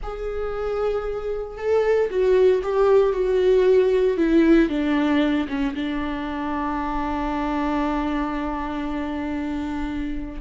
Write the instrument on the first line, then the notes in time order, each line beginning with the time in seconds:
viola
0.03 G#4
1.57 A4
2.09 F#4
2.63 G4
3.13 F#4
4.17 E4
4.69 D4
5.48 C#4
5.75 D4